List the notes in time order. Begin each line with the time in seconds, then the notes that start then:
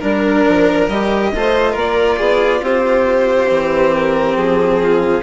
0.00 G3 D4 A#4
0.48 F3
0.89 G3 G4 D#5
1.35 A3 F4 C5
1.72 A#3 A#4
1.79 D5
2.18 B3 G#4
2.62 C4 G4 C5
3.47 E3 C4
3.94 A#4
4.36 F3 G#4
4.83 F4